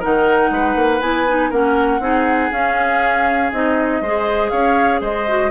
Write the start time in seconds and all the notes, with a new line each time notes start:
0.00 D#3 D#4 A#4 F#5
0.51 G#3 B4
0.76 A#3
1.01 B3 E4 G#5
1.28 D#4
1.50 A#3 C#4 A#4 F#5
2.00 C4 D#4 G#4
2.52 C#4 F5
3.53 C4 D#4 D#5
4.02 G#3 G#4 C5
4.50 C#4 C#5 F5
5.01 G#3 C5 D#5
5.29 F#4